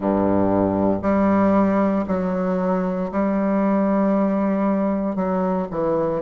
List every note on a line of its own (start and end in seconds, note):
0.00 1.02 G2
1.02 2.05 G3
2.07 3.11 F#3
3.11 5.15 G3
5.15 5.67 F#3
5.70 6.22 E3